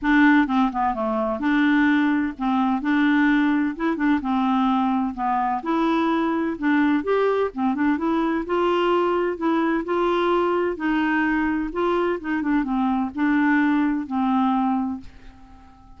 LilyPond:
\new Staff \with { instrumentName = "clarinet" } { \time 4/4 \tempo 4 = 128 d'4 c'8 b8 a4 d'4~ | d'4 c'4 d'2 | e'8 d'8 c'2 b4 | e'2 d'4 g'4 |
c'8 d'8 e'4 f'2 | e'4 f'2 dis'4~ | dis'4 f'4 dis'8 d'8 c'4 | d'2 c'2 | }